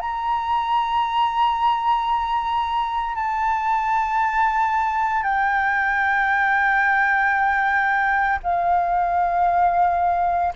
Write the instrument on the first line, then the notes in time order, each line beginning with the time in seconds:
flute
0.00 A#5
3.15 A5
5.23 G5
8.43 F5